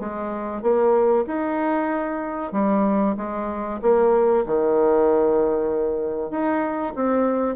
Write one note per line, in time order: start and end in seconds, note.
0.00 0.62 G#3
0.62 1.25 A#3
1.27 2.52 D#4
2.52 3.16 G3
3.17 3.80 G#3
3.82 4.45 A#3
4.46 6.31 D#3
6.31 6.94 D#4
6.96 7.56 C4